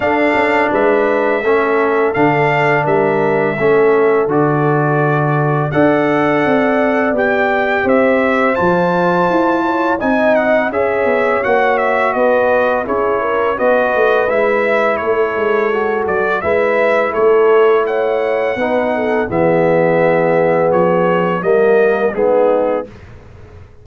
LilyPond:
<<
  \new Staff \with { instrumentName = "trumpet" } { \time 4/4 \tempo 4 = 84 f''4 e''2 f''4 | e''2 d''2 | fis''2 g''4 e''4 | a''2 gis''8 fis''8 e''4 |
fis''8 e''8 dis''4 cis''4 dis''4 | e''4 cis''4. d''8 e''4 | cis''4 fis''2 e''4~ | e''4 cis''4 dis''4 gis'4 | }
  \new Staff \with { instrumentName = "horn" } { \time 4/4 a'4 b'4 a'2 | ais'4 a'2. | d''2. c''4~ | c''4. cis''8 dis''4 cis''4~ |
cis''4 b'4 gis'8 ais'8 b'4~ | b'4 a'2 b'4 | a'4 cis''4 b'8 a'8 gis'4~ | gis'2 ais'4 dis'4 | }
  \new Staff \with { instrumentName = "trombone" } { \time 4/4 d'2 cis'4 d'4~ | d'4 cis'4 fis'2 | a'2 g'2 | f'2 dis'4 gis'4 |
fis'2 e'4 fis'4 | e'2 fis'4 e'4~ | e'2 dis'4 b4~ | b2 ais4 b4 | }
  \new Staff \with { instrumentName = "tuba" } { \time 4/4 d'8 cis'8 gis4 a4 d4 | g4 a4 d2 | d'4 c'4 b4 c'4 | f4 e'4 c'4 cis'8 b8 |
ais4 b4 cis'4 b8 a8 | gis4 a8 gis4 fis8 gis4 | a2 b4 e4~ | e4 f4 g4 gis4 | }
>>